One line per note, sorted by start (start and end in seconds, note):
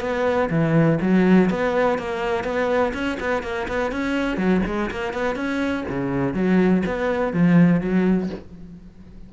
0.00 0.49 B3
0.50 0.98 E3
1.01 1.49 F#3
1.50 1.98 B3
1.98 2.43 A#3
2.43 2.92 B3
2.93 3.18 C#4
3.20 3.42 B3
3.42 3.67 A#3
3.68 3.91 B3
3.91 4.37 C#4
4.37 4.61 F#3
4.66 4.90 G#3
4.90 5.13 A#3
5.13 5.35 B3
5.35 5.84 C#4
5.89 6.34 C#3
6.34 6.82 F#3
6.86 7.33 B3
7.33 7.80 F3
7.80 8.29 F#3